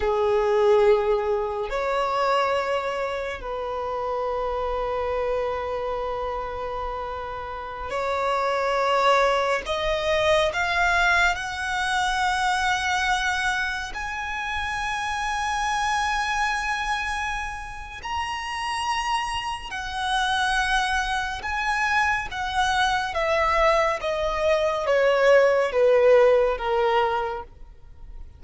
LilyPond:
\new Staff \with { instrumentName = "violin" } { \time 4/4 \tempo 4 = 70 gis'2 cis''2 | b'1~ | b'4~ b'16 cis''2 dis''8.~ | dis''16 f''4 fis''2~ fis''8.~ |
fis''16 gis''2.~ gis''8.~ | gis''4 ais''2 fis''4~ | fis''4 gis''4 fis''4 e''4 | dis''4 cis''4 b'4 ais'4 | }